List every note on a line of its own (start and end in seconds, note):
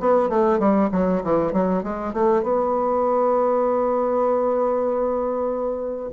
0.00 0.29 B3
0.29 0.59 A3
0.59 0.90 G3
0.92 1.22 F#3
1.24 1.53 E3
1.53 1.83 F#3
1.83 2.13 G#3
2.13 2.43 A3
2.43 6.10 B3